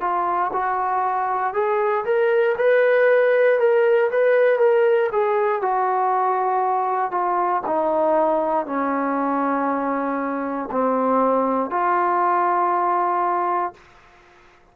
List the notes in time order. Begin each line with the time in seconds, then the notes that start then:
0.00 F4
0.52 F#4
1.53 G#4
2.05 A#4
2.57 B4
3.59 A#4
4.11 B4
4.59 A#4
5.12 G#4
5.61 F#4
7.10 F4
7.66 D#4
8.66 C#4
10.71 C4
11.70 F4